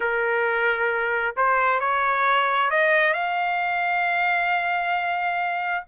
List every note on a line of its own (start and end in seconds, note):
0.00 1.35 A#4
1.36 1.80 C5
1.80 2.70 C#5
2.70 3.13 D#5
3.13 5.84 F5